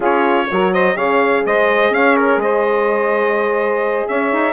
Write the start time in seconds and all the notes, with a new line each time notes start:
0.00 C#4 F4 G#4 C#5
0.51 F#3 F#4 A#4
0.72 C5 D#5
0.95 C#3 G#4 C#5 F5
1.45 G#3 C5 D#5
1.90 C#4 C#5 F5
2.16 A#4
2.36 G#3 C5 D#5
4.08 C#4 C#5 E5
4.32 D#4